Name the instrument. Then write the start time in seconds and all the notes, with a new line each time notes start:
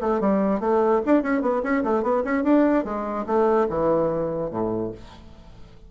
bassoon
0.00 A3
0.20 G3
0.60 A3
1.05 D4
1.22 C#4
1.41 B3
1.62 C#4
1.83 A3
2.02 B3
2.24 C#4
2.43 D4
2.84 G#3
3.26 A3
3.69 E3
4.50 A2